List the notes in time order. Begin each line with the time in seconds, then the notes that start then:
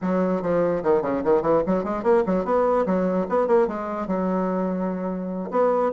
0.01 F#3
0.42 F3
0.83 D#3
1.01 C#3
1.24 D#3
1.42 E3
1.66 F#3
1.83 G#3
2.03 A#3
2.26 F#3
2.45 B3
2.86 F#3
3.29 B3
3.47 A#3
3.67 G#3
4.07 F#3
5.51 B3